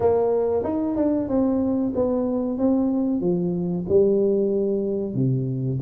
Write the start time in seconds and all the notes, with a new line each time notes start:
0.00 A#3
0.63 D#4
0.96 D4
1.28 C4
1.95 B3
2.58 C4
3.21 F3
3.89 G3
5.14 C3